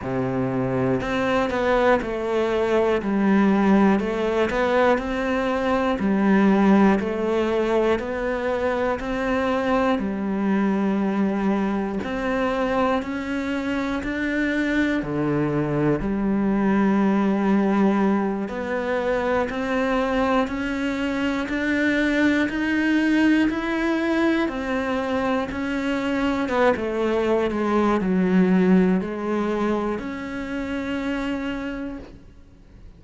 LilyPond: \new Staff \with { instrumentName = "cello" } { \time 4/4 \tempo 4 = 60 c4 c'8 b8 a4 g4 | a8 b8 c'4 g4 a4 | b4 c'4 g2 | c'4 cis'4 d'4 d4 |
g2~ g8 b4 c'8~ | c'8 cis'4 d'4 dis'4 e'8~ | e'8 c'4 cis'4 b16 a8. gis8 | fis4 gis4 cis'2 | }